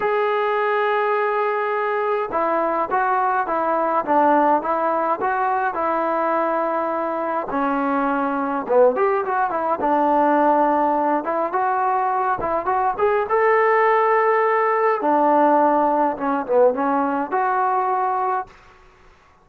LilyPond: \new Staff \with { instrumentName = "trombone" } { \time 4/4 \tempo 4 = 104 gis'1 | e'4 fis'4 e'4 d'4 | e'4 fis'4 e'2~ | e'4 cis'2 b8 g'8 |
fis'8 e'8 d'2~ d'8 e'8 | fis'4. e'8 fis'8 gis'8 a'4~ | a'2 d'2 | cis'8 b8 cis'4 fis'2 | }